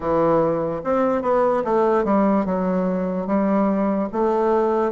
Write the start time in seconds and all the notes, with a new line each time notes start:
0.00 E3
0.84 C4
1.22 B3
1.64 A3
2.04 G3
2.45 F#3
3.27 G3
4.12 A3